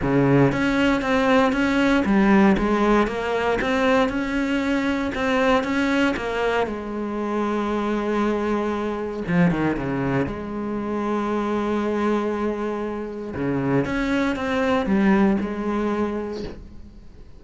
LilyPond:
\new Staff \with { instrumentName = "cello" } { \time 4/4 \tempo 4 = 117 cis4 cis'4 c'4 cis'4 | g4 gis4 ais4 c'4 | cis'2 c'4 cis'4 | ais4 gis2.~ |
gis2 f8 dis8 cis4 | gis1~ | gis2 cis4 cis'4 | c'4 g4 gis2 | }